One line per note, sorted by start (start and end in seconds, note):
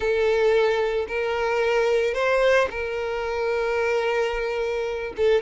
0.00 1.06 A4
1.08 2.14 A#4
2.14 2.68 C5
2.70 5.13 A#4
5.16 5.41 A4